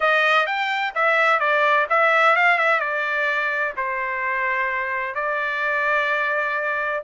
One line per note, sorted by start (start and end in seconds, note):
0.00 0.46 D#5
0.46 0.93 G5
0.94 1.39 E5
1.39 1.86 D5
1.89 2.36 E5
2.36 2.58 F5
2.58 2.80 E5
2.80 3.73 D5
3.76 5.15 C5
5.15 7.02 D5